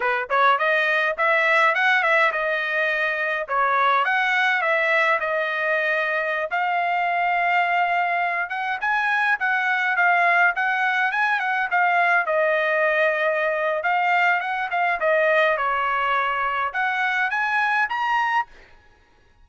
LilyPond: \new Staff \with { instrumentName = "trumpet" } { \time 4/4 \tempo 4 = 104 b'8 cis''8 dis''4 e''4 fis''8 e''8 | dis''2 cis''4 fis''4 | e''4 dis''2~ dis''16 f''8.~ | f''2~ f''8. fis''8 gis''8.~ |
gis''16 fis''4 f''4 fis''4 gis''8 fis''16~ | fis''16 f''4 dis''2~ dis''8. | f''4 fis''8 f''8 dis''4 cis''4~ | cis''4 fis''4 gis''4 ais''4 | }